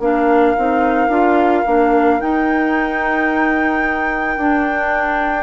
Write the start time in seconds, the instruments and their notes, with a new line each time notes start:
0.00 bassoon A#3, clarinet D4, oboe A#4, flute F5
0.57 bassoon C4, clarinet D#4
1.09 bassoon D4, clarinet F4
1.66 bassoon A#3, clarinet D4
2.20 clarinet D#4, bassoon D#4, flute G5
4.37 bassoon D4, clarinet D4